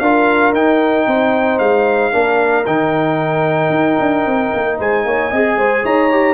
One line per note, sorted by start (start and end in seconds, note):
0.00 0.53 D4
0.00 0.55 F4
0.00 1.08 A#4
0.00 0.53 F5
0.53 1.06 D#4
0.53 2.12 D#4
0.53 1.59 G5
1.07 1.59 C4
1.07 2.13 C5
1.59 2.12 G#3
1.59 2.65 F5
2.12 2.67 A#3
2.12 2.65 D4
2.12 4.79 A#4
2.66 3.70 D#3
2.66 5.33 D#4
2.66 4.79 G5
3.70 3.97 D#4
4.00 4.26 D4
4.26 4.53 C4
4.55 4.80 A#3
4.79 5.06 G#3
4.79 5.05 C5
4.79 5.86 G#5
5.06 5.32 A#3
5.06 5.31 C#5
5.31 5.57 C4
5.31 6.12 G#4
5.31 5.58 D#5
5.57 5.84 G#3
5.57 5.84 C5
5.84 6.35 D#4
5.84 6.35 C#5
5.84 6.35 A#5
6.12 6.35 G4